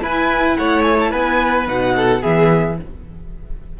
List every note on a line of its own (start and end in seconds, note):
0.00 1.65 E4
0.00 0.58 E4
0.00 0.57 B4
0.00 0.57 G#5
0.57 1.12 A3
0.57 1.10 C#5
0.57 0.82 F#5
0.82 0.96 G#5
0.99 1.12 A5
1.10 1.67 B3
1.10 1.93 B4
1.10 1.67 G#5
1.65 2.22 B2
1.65 2.20 D#4
1.65 2.22 F#5
1.96 2.21 A4
2.21 2.80 E3
2.21 2.76 B3
2.21 2.76 G#4
2.21 2.77 E5